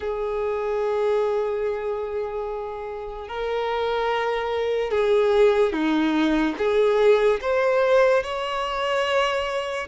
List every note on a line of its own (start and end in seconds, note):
0.00 3.28 G#4
3.28 4.91 A#4
4.91 5.72 G#4
5.72 6.55 D#4
6.58 7.40 G#4
7.41 8.23 C5
8.23 9.87 C#5